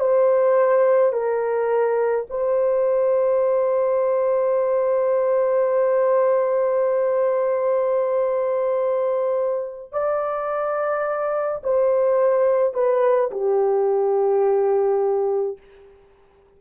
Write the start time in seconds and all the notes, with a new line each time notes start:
0.00 C5
1.13 A#4
2.30 C5
9.92 D5
11.63 C5
12.74 B4
13.31 G4